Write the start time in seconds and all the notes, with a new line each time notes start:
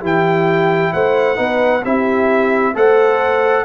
0.00 E3 E4 G4 G5
0.93 A3 C5 F#5
1.35 B3 D#4 B4
1.83 C4 E4 G4 E5
2.74 A3 A4 C5 F#5